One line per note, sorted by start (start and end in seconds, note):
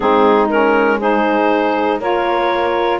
0.00 1.99 G#3
0.00 0.48 C4
0.00 0.99 D#4
0.00 0.47 G#4
0.49 1.00 C#4
0.49 0.99 A#4
0.99 2.00 D#4
0.99 1.99 G#4
0.99 2.00 C5
1.99 2.99 A#3
1.99 2.99 F4
1.99 2.99 A#4
1.99 2.99 C#5